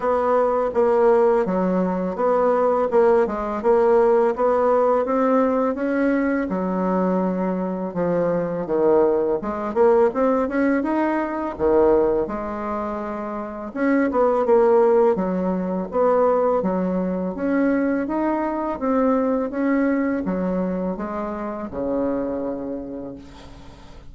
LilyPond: \new Staff \with { instrumentName = "bassoon" } { \time 4/4 \tempo 4 = 83 b4 ais4 fis4 b4 | ais8 gis8 ais4 b4 c'4 | cis'4 fis2 f4 | dis4 gis8 ais8 c'8 cis'8 dis'4 |
dis4 gis2 cis'8 b8 | ais4 fis4 b4 fis4 | cis'4 dis'4 c'4 cis'4 | fis4 gis4 cis2 | }